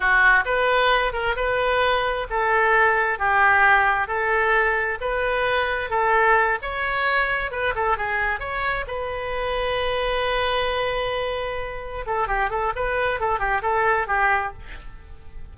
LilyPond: \new Staff \with { instrumentName = "oboe" } { \time 4/4 \tempo 4 = 132 fis'4 b'4. ais'8 b'4~ | b'4 a'2 g'4~ | g'4 a'2 b'4~ | b'4 a'4. cis''4.~ |
cis''8 b'8 a'8 gis'4 cis''4 b'8~ | b'1~ | b'2~ b'8 a'8 g'8 a'8 | b'4 a'8 g'8 a'4 g'4 | }